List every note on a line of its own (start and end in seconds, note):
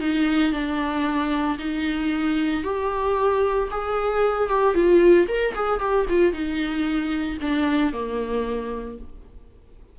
0.00 0.52 D#4
0.52 1.58 D4
1.58 2.64 D#4
2.64 3.69 G4
3.71 4.49 G#4
4.49 4.74 G4
4.74 5.27 F4
5.28 5.54 A#4
5.55 5.80 G#4
5.80 6.06 G4
6.09 6.33 F4
6.33 7.38 D#4
7.41 7.93 D4
7.93 8.98 A#3